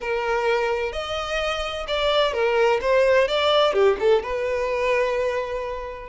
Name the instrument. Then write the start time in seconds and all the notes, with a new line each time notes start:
violin
0.00 A#4
0.92 D#5
1.87 D5
2.33 A#4
2.81 C5
3.28 D5
3.73 G4
3.99 A4
4.22 B4